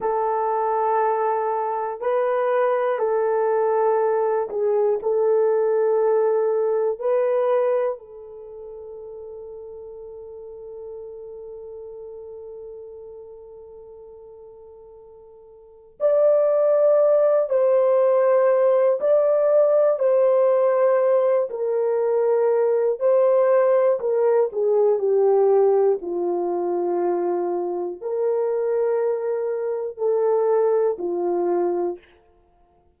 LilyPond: \new Staff \with { instrumentName = "horn" } { \time 4/4 \tempo 4 = 60 a'2 b'4 a'4~ | a'8 gis'8 a'2 b'4 | a'1~ | a'1 |
d''4. c''4. d''4 | c''4. ais'4. c''4 | ais'8 gis'8 g'4 f'2 | ais'2 a'4 f'4 | }